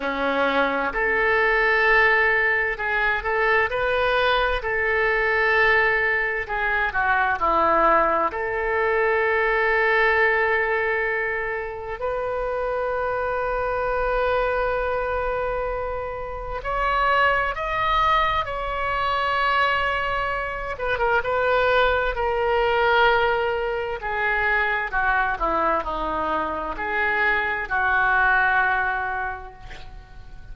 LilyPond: \new Staff \with { instrumentName = "oboe" } { \time 4/4 \tempo 4 = 65 cis'4 a'2 gis'8 a'8 | b'4 a'2 gis'8 fis'8 | e'4 a'2.~ | a'4 b'2.~ |
b'2 cis''4 dis''4 | cis''2~ cis''8 b'16 ais'16 b'4 | ais'2 gis'4 fis'8 e'8 | dis'4 gis'4 fis'2 | }